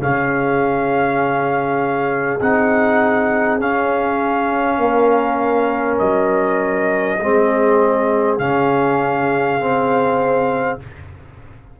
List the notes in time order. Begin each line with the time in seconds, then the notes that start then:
0.00 C#3 C#4 G#4 F5
2.41 C4 D#4 F#5
3.60 C#4 F5
4.78 A#3 A#4
5.99 F#3 D#5
7.20 G#3 C4 G#4
8.38 C#3 C#4 F5
9.60 C4